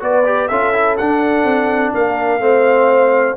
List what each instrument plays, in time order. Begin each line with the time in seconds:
0.00 tuba B3, trombone F#4, horn B4, trumpet D5
0.26 trombone G4
0.48 tuba C#4, trombone F4, horn A4, trumpet E5
0.73 trombone E4
0.98 tuba D4, trombone D4, trumpet F#5
1.44 tuba C4
1.95 tuba A#3, horn A#4, trumpet F5
2.39 tuba A3, trombone C4, horn C5